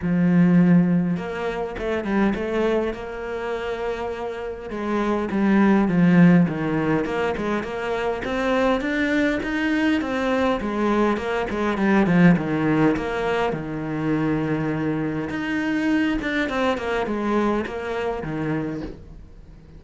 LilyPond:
\new Staff \with { instrumentName = "cello" } { \time 4/4 \tempo 4 = 102 f2 ais4 a8 g8 | a4 ais2. | gis4 g4 f4 dis4 | ais8 gis8 ais4 c'4 d'4 |
dis'4 c'4 gis4 ais8 gis8 | g8 f8 dis4 ais4 dis4~ | dis2 dis'4. d'8 | c'8 ais8 gis4 ais4 dis4 | }